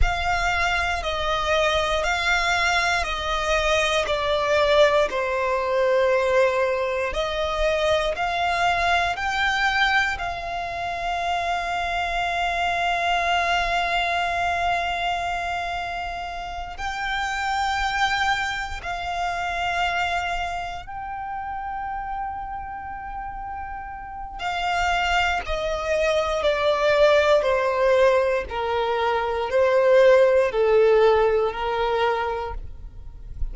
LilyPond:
\new Staff \with { instrumentName = "violin" } { \time 4/4 \tempo 4 = 59 f''4 dis''4 f''4 dis''4 | d''4 c''2 dis''4 | f''4 g''4 f''2~ | f''1~ |
f''8 g''2 f''4.~ | f''8 g''2.~ g''8 | f''4 dis''4 d''4 c''4 | ais'4 c''4 a'4 ais'4 | }